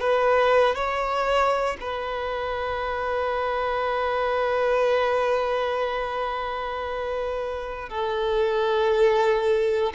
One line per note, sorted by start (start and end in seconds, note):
0.00 0.75 B4
0.75 1.77 C#5
1.80 7.89 B4
7.89 9.92 A4